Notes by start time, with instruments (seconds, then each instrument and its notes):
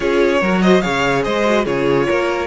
0.00 cello C#4, viola F4, violin G#4 C#5
0.40 cello F#3, viola F#4, violin A#4
0.62 violin C5 D#5
0.81 cello C#3, viola G#4, violin C#5 F5
1.24 cello G#3, violin C5 D#5
1.45 viola F#4
1.64 cello C#3, viola F4, violin G#4 C#5
2.07 cello A#3, violin A#4